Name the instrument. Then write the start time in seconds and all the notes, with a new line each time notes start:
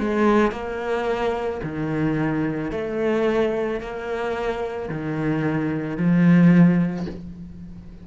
cello
0.00 G#3
0.52 A#3
1.64 D#3
2.72 A3
3.80 A#3
4.89 D#3
5.98 F3